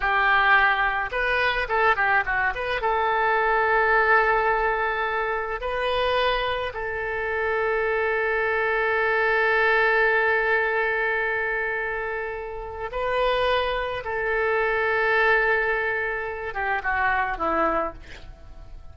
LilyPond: \new Staff \with { instrumentName = "oboe" } { \time 4/4 \tempo 4 = 107 g'2 b'4 a'8 g'8 | fis'8 b'8 a'2.~ | a'2 b'2 | a'1~ |
a'1~ | a'2. b'4~ | b'4 a'2.~ | a'4. g'8 fis'4 e'4 | }